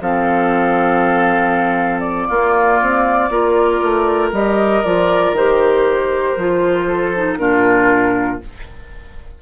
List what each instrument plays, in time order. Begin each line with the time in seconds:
0.00 bassoon F3, clarinet C4, oboe A4, flute F5
2.00 flute D5
2.28 bassoon A#3, clarinet A#3, oboe F4
2.82 bassoon C4
3.30 bassoon A#3, clarinet F4, oboe A#4
3.82 bassoon A3
4.32 bassoon G3, clarinet G4, flute D#5
4.84 bassoon F3, clarinet F4, flute D5
5.32 bassoon D#3, clarinet G4, flute C5
6.37 bassoon F3, clarinet F4
6.87 oboe A4
7.15 clarinet D#4
7.37 bassoon A#2, clarinet D4, oboe F4, flute A#4